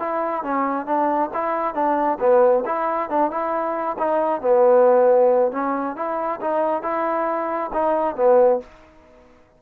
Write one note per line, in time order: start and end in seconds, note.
0.00 0.44 E4
0.44 0.86 C#4
0.86 1.30 D4
1.34 1.74 E4
1.74 2.19 D4
2.20 2.64 B3
2.66 3.10 E4
3.10 3.31 D4
3.31 3.97 E4
3.99 4.42 D#4
4.42 5.52 B3
5.52 5.96 C#4
5.96 6.40 E4
6.41 6.83 D#4
6.83 7.71 E4
7.73 8.16 D#4
8.16 8.60 B3